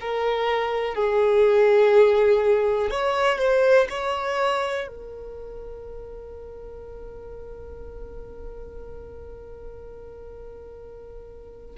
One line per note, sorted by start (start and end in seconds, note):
0.00 0.95 A#4
0.95 2.90 G#4
2.90 3.38 C#5
3.38 3.88 C5
3.89 4.87 C#5
4.87 11.76 A#4